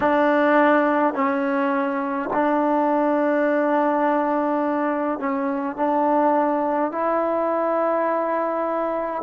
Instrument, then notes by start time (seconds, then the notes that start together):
trombone
0.00 D4
1.14 C#4
2.33 D4
5.19 C#4
5.76 D4
6.91 E4